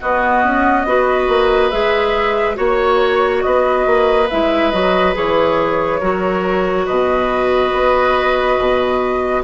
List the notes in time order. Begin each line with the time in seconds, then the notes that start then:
0.00 B3 F#4 D#5
0.43 C#4
0.85 B3 F#4 B4
1.28 A#3
1.70 G#3 G#4 E5
2.55 A#3 F#4 C#5
3.42 B3 B4 D#5
3.86 A#3
4.30 G#3 E4 E5
4.71 F#3 F#4 D#5
5.13 E3 G#4 C#5
5.99 F#3 F#4 A#4
6.85 B2 B4 D#5
7.72 B3
8.59 B2